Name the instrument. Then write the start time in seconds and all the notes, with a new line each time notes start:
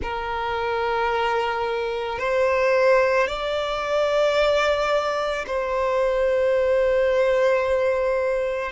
violin
0.02 A#4
2.18 C5
3.27 D5
5.46 C5